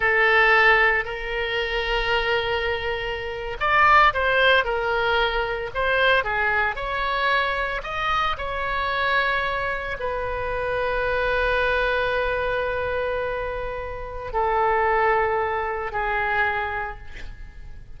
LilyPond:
\new Staff \with { instrumentName = "oboe" } { \time 4/4 \tempo 4 = 113 a'2 ais'2~ | ais'2~ ais'8. d''4 c''16~ | c''8. ais'2 c''4 gis'16~ | gis'8. cis''2 dis''4 cis''16~ |
cis''2~ cis''8. b'4~ b'16~ | b'1~ | b'2. a'4~ | a'2 gis'2 | }